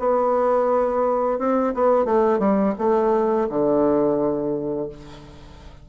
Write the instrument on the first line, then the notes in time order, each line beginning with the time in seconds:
bassoon
0.00 B3
1.39 C4
1.75 B3
2.05 A3
2.39 G3
2.79 A3
3.50 D3